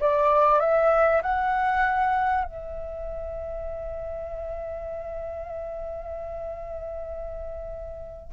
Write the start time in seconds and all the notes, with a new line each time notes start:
0.00 D5
0.60 E5
1.22 F#5
2.44 E5